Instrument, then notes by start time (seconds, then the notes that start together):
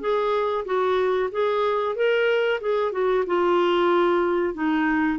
clarinet
0.00 G#4
0.65 F#4
1.31 G#4
1.95 A#4
2.60 G#4
2.91 F#4
3.26 F4
4.54 D#4